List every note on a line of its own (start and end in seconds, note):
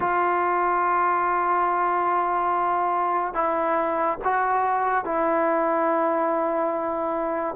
0.00 3.34 F4
3.34 4.17 E4
4.23 5.04 F#4
5.04 7.55 E4